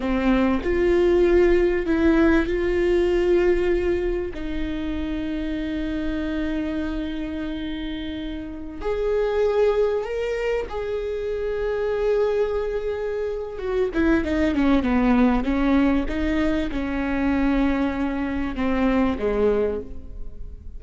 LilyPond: \new Staff \with { instrumentName = "viola" } { \time 4/4 \tempo 4 = 97 c'4 f'2 e'4 | f'2. dis'4~ | dis'1~ | dis'2~ dis'16 gis'4.~ gis'16~ |
gis'16 ais'4 gis'2~ gis'8.~ | gis'2 fis'8 e'8 dis'8 cis'8 | b4 cis'4 dis'4 cis'4~ | cis'2 c'4 gis4 | }